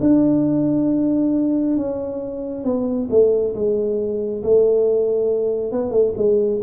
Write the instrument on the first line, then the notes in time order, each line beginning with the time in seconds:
tuba
0.00 D4
1.76 C#4
2.64 B3
3.10 A3
3.55 G#3
4.43 A3
5.72 B3
5.91 A3
6.17 G#3